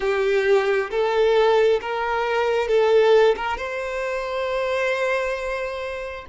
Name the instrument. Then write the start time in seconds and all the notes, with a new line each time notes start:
violin
0.00 G4
0.90 A4
1.81 A#4
2.68 A4
3.36 A#4
3.57 C5